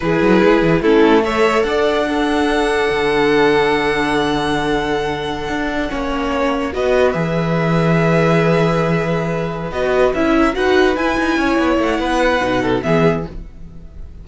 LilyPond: <<
  \new Staff \with { instrumentName = "violin" } { \time 4/4 \tempo 4 = 145 b'2 a'4 e''4 | fis''1~ | fis''1~ | fis''1~ |
fis''16 dis''4 e''2~ e''8.~ | e''2.~ e''8 dis''8~ | dis''8 e''4 fis''4 gis''4.~ | gis''8 fis''2~ fis''8 e''4 | }
  \new Staff \with { instrumentName = "violin" } { \time 4/4 gis'2 e'4 cis''4 | d''4 a'2.~ | a'1~ | a'2~ a'16 cis''4.~ cis''16~ |
cis''16 b'2.~ b'8.~ | b'1~ | b'4 ais'8 b'2 cis''8~ | cis''4 b'4. a'8 gis'4 | }
  \new Staff \with { instrumentName = "viola" } { \time 4/4 e'2 cis'4 a'4~ | a'4 d'2.~ | d'1~ | d'2~ d'16 cis'4.~ cis'16~ |
cis'16 fis'4 gis'2~ gis'8.~ | gis'2.~ gis'8 fis'8~ | fis'8 e'4 fis'4 e'4.~ | e'2 dis'4 b4 | }
  \new Staff \with { instrumentName = "cello" } { \time 4/4 e8 fis8 gis8 e8 a2 | d'2. d4~ | d1~ | d4~ d16 d'4 ais4.~ ais16~ |
ais16 b4 e2~ e8.~ | e2.~ e8 b8~ | b8 cis'4 dis'4 e'8 dis'8 cis'8 | b8 a8 b4 b,4 e4 | }
>>